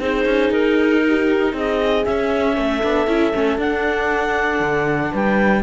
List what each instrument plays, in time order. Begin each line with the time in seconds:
0.00 cello C4, viola D#4, horn G#4, clarinet C5
0.25 cello C#4
0.50 cello D#4, clarinet A#4
1.07 horn G4
1.53 cello C4, horn G#4, clarinet D#5
2.05 viola C#4, cello C#4, clarinet E5
2.56 cello A3, horn A4
2.83 cello B3, viola D4
3.07 cello C#4, viola E4
3.33 cello A3, viola C#4
3.57 cello D4, viola D4, clarinet F#5
4.60 cello D3
5.12 cello G3, horn B4, clarinet G5